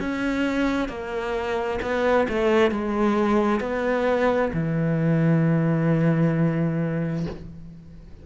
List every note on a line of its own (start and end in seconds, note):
0.00 0.89 C#4
0.89 1.80 A#3
1.82 2.27 B3
2.29 2.71 A3
2.71 3.61 G#3
3.61 4.52 B3
4.54 7.26 E3